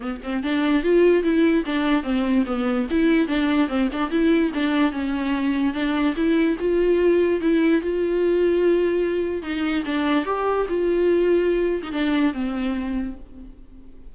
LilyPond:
\new Staff \with { instrumentName = "viola" } { \time 4/4 \tempo 4 = 146 b8 c'8 d'4 f'4 e'4 | d'4 c'4 b4 e'4 | d'4 c'8 d'8 e'4 d'4 | cis'2 d'4 e'4 |
f'2 e'4 f'4~ | f'2. dis'4 | d'4 g'4 f'2~ | f'8. dis'16 d'4 c'2 | }